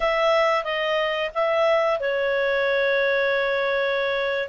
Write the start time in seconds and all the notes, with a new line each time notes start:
0.00 E5
0.64 D#5
1.34 E5
2.00 C#5